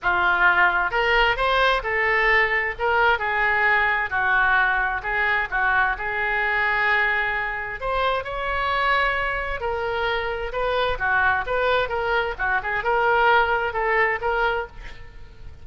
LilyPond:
\new Staff \with { instrumentName = "oboe" } { \time 4/4 \tempo 4 = 131 f'2 ais'4 c''4 | a'2 ais'4 gis'4~ | gis'4 fis'2 gis'4 | fis'4 gis'2.~ |
gis'4 c''4 cis''2~ | cis''4 ais'2 b'4 | fis'4 b'4 ais'4 fis'8 gis'8 | ais'2 a'4 ais'4 | }